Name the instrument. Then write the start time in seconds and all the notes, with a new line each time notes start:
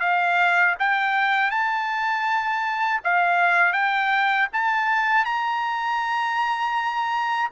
trumpet
0.00 F5
0.79 G5
1.51 A5
3.04 F5
3.73 G5
4.53 A5
5.25 A#5